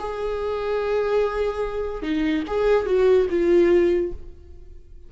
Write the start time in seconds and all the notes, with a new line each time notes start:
0.00 G#4
2.03 D#4
2.48 G#4
2.87 F#4
3.30 F4